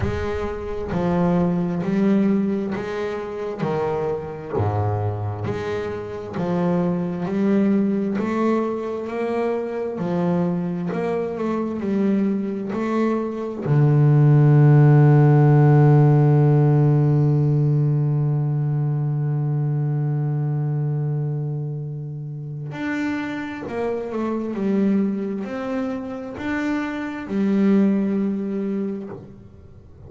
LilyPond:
\new Staff \with { instrumentName = "double bass" } { \time 4/4 \tempo 4 = 66 gis4 f4 g4 gis4 | dis4 gis,4 gis4 f4 | g4 a4 ais4 f4 | ais8 a8 g4 a4 d4~ |
d1~ | d1~ | d4 d'4 ais8 a8 g4 | c'4 d'4 g2 | }